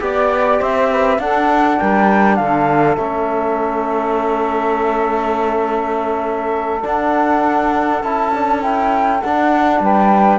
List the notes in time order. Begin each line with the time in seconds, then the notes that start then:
0.00 B3 G4 D5
0.59 C4 C5 E5
0.92 B4
1.19 D4 A4 F#5
1.79 G3 A#4 G5
2.36 D3 A4 F5
2.96 A3 C#4 E5
6.82 D4 F#5
8.02 C#4 E4 A5
8.35 D4
8.62 E4 G5
9.22 D4 F#5
9.81 G3 B4 G5